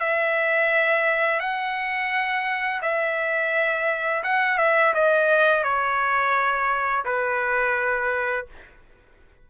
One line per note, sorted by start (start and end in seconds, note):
0.00 1.40 E5
1.40 2.81 F#5
2.82 4.23 E5
4.24 4.58 F#5
4.58 4.93 E5
4.94 5.64 D#5
5.64 7.05 C#5
7.05 8.46 B4